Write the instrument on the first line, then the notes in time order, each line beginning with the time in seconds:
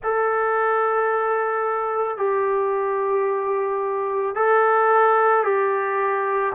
trombone
0.03 A4
2.17 G4
4.35 A4
5.43 G4